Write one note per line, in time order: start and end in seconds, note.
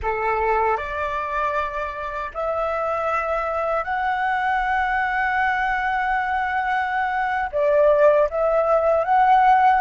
0.02 0.77 A4
0.77 2.31 D5
2.34 3.84 E5
3.84 7.49 F#5
7.52 8.29 D5
8.29 9.04 E5
9.04 9.81 F#5